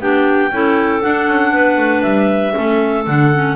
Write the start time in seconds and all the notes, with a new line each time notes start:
0.00 B3 D4 G4 G5
0.51 C#4 E4 A4
1.02 D4 F#5
1.28 C#4
1.52 B3 B4
1.77 A3
2.02 G3 E5
2.53 A3 C#4 A4
3.06 D3 D4 F#5
3.34 C#4